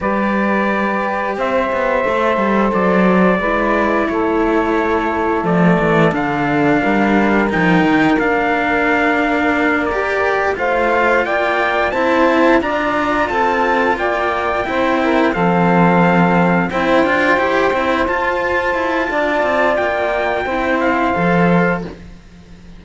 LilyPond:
<<
  \new Staff \with { instrumentName = "trumpet" } { \time 4/4 \tempo 4 = 88 d''2 e''2 | d''2 cis''2 | d''4 f''2 g''4 | f''2~ f''8 d''4 f''8~ |
f''8 g''4 a''4 ais''4 a''8~ | a''8 g''2 f''4.~ | f''8 g''2 a''4.~ | a''4 g''4. f''4. | }
  \new Staff \with { instrumentName = "saxophone" } { \time 4/4 b'2 c''2~ | c''4 b'4 a'2~ | a'2 ais'2~ | ais'2.~ ais'8 c''8~ |
c''8 d''4 c''4 d''4 a'8~ | a'8 d''4 c''8 ais'8 a'4.~ | a'8 c''2.~ c''8 | d''2 c''2 | }
  \new Staff \with { instrumentName = "cello" } { \time 4/4 g'2. a'4~ | a'4 e'2. | a4 d'2 dis'4 | d'2~ d'8 g'4 f'8~ |
f'4. e'4 f'4.~ | f'4. e'4 c'4.~ | c'8 e'8 f'8 g'8 e'8 f'4.~ | f'2 e'4 a'4 | }
  \new Staff \with { instrumentName = "cello" } { \time 4/4 g2 c'8 b8 a8 g8 | fis4 gis4 a2 | f8 e8 d4 g4 f8 dis8 | ais2.~ ais8 a8~ |
a8 ais4 c'4 d'4 c'8~ | c'8 ais4 c'4 f4.~ | f8 c'8 d'8 e'8 c'8 f'4 e'8 | d'8 c'8 ais4 c'4 f4 | }
>>